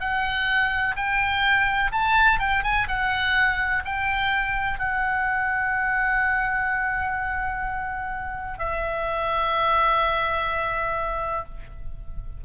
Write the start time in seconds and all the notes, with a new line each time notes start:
0.00 F#5
0.96 G5
1.92 A5
2.39 G5
2.64 G#5
2.88 F#5
3.85 G5
4.79 F#5
8.59 E5